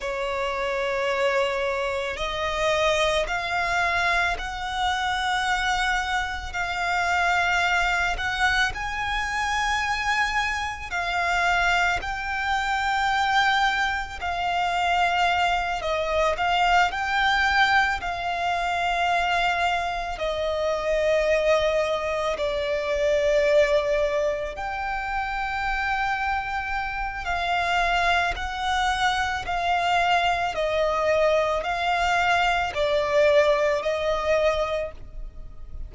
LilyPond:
\new Staff \with { instrumentName = "violin" } { \time 4/4 \tempo 4 = 55 cis''2 dis''4 f''4 | fis''2 f''4. fis''8 | gis''2 f''4 g''4~ | g''4 f''4. dis''8 f''8 g''8~ |
g''8 f''2 dis''4.~ | dis''8 d''2 g''4.~ | g''4 f''4 fis''4 f''4 | dis''4 f''4 d''4 dis''4 | }